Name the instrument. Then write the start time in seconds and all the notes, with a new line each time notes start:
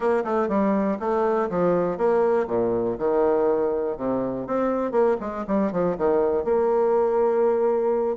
bassoon
0.00 A#3
0.24 A3
0.48 G3
0.99 A3
1.49 F3
1.97 A#3
2.47 A#2
2.98 D#3
3.97 C3
4.47 C4
4.91 A#3
5.20 G#3
5.47 G3
5.72 F3
5.97 D#3
6.44 A#3